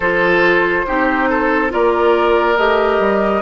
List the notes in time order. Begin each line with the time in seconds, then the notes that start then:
0.00 F3 F4 A4 C5
0.87 C4 D#4 G4
1.29 A4
1.69 A#3 F4 A#4 D5
2.57 A3 G4 D#5
2.99 G3